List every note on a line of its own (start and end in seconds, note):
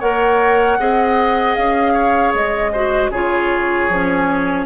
0.00 0.79 A#3
0.00 0.79 A#4
0.00 0.78 C#5
0.00 1.56 F#5
0.79 1.57 C4
0.79 2.74 G#4
0.79 1.94 D#5
1.56 2.34 C#4
1.56 2.33 F5
1.94 2.72 C#5
2.34 3.11 G#3
2.34 3.12 D#5
2.73 3.14 F#4
2.73 3.11 C5
3.11 3.89 C#3
3.11 3.92 F4
3.11 4.66 G#4
3.11 4.66 C#5
3.89 4.66 F3
3.89 4.66 C#4